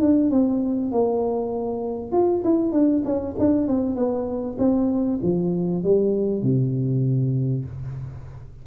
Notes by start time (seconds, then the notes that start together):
0.00 D4
0.30 C4
0.91 A#3
2.12 F4
2.44 E4
2.72 D4
3.04 C#4
3.38 D4
3.67 C4
3.95 B3
4.58 C4
5.22 F3
5.83 G3
6.42 C3